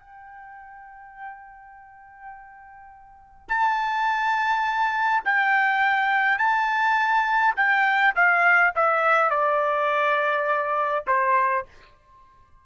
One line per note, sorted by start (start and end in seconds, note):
0.00 3.49 G5
3.49 5.24 A5
5.25 6.39 G5
6.39 7.55 A5
7.56 8.15 G5
8.16 8.74 F5
8.76 9.31 E5
9.31 11.05 D5
11.08 11.66 C5